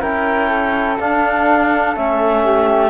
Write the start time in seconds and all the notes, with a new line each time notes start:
0.00 C#4 E4 A#4 G5
0.49 A4
1.00 D4 F5
1.95 A3 C#4 E5
2.43 G4